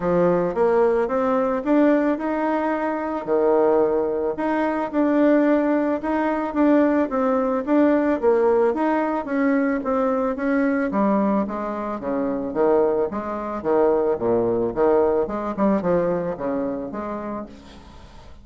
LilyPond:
\new Staff \with { instrumentName = "bassoon" } { \time 4/4 \tempo 4 = 110 f4 ais4 c'4 d'4 | dis'2 dis2 | dis'4 d'2 dis'4 | d'4 c'4 d'4 ais4 |
dis'4 cis'4 c'4 cis'4 | g4 gis4 cis4 dis4 | gis4 dis4 ais,4 dis4 | gis8 g8 f4 cis4 gis4 | }